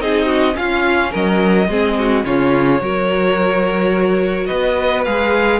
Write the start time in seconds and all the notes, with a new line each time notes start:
0.00 C4 D#4 G#4 D#5
0.26 F#4
0.54 C#4 F4 F5
1.11 F#3 A#4 D#5
1.68 G#3 C4 G#4
1.99 F#4
2.25 C#3 C#4 F4 C#5
2.81 F#3 F#4 A#4
4.47 B3 B4 D#5
5.05 G#3 G#4 F5